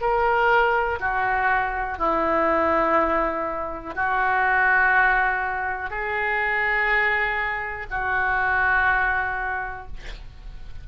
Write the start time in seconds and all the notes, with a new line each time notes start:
0.00 A#4
0.99 F#4
1.98 E4
3.94 F#4
5.90 G#4
7.90 F#4